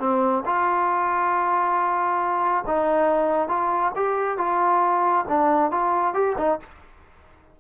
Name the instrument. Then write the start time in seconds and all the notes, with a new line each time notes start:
trombone
0.00 C4
0.46 F4
2.67 D#4
3.49 F4
3.96 G4
4.38 F4
5.29 D4
5.72 F4
6.15 G4
6.38 D#4